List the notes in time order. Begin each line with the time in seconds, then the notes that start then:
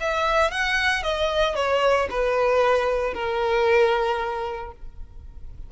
0.00 E5
0.51 F#5
1.03 D#5
1.55 C#5
2.10 B4
3.13 A#4